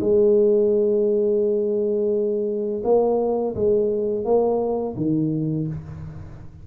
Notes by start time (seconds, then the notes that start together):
0.00 G#3
2.84 A#3
3.55 G#3
4.24 A#3
4.96 D#3